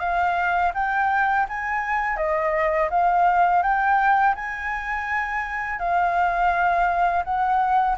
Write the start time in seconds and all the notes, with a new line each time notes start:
0.00 F5
0.74 G5
1.49 G#5
2.17 D#5
2.90 F5
3.63 G5
4.35 G#5
5.79 F5
7.24 F#5